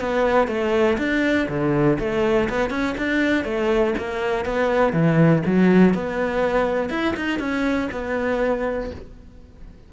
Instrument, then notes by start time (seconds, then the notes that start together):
cello
0.00 B3
0.48 A3
0.98 D4
1.48 D3
1.99 A3
2.49 B3
2.70 C#4
2.98 D4
3.44 A3
3.98 A#3
4.45 B3
4.93 E3
5.46 F#3
5.94 B3
6.89 E4
7.17 D#4
7.39 C#4
7.92 B3